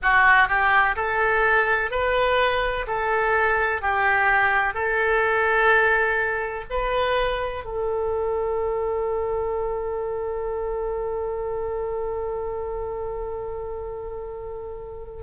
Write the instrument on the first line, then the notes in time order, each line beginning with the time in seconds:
oboe
0.02 F#4
0.48 G4
0.96 A4
1.90 B4
2.87 A4
3.81 G4
4.74 A4
6.69 B4
7.64 A4